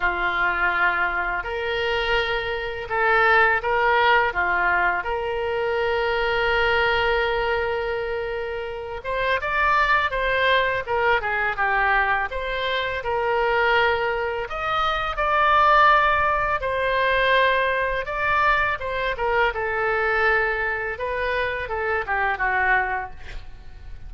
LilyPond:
\new Staff \with { instrumentName = "oboe" } { \time 4/4 \tempo 4 = 83 f'2 ais'2 | a'4 ais'4 f'4 ais'4~ | ais'1~ | ais'8 c''8 d''4 c''4 ais'8 gis'8 |
g'4 c''4 ais'2 | dis''4 d''2 c''4~ | c''4 d''4 c''8 ais'8 a'4~ | a'4 b'4 a'8 g'8 fis'4 | }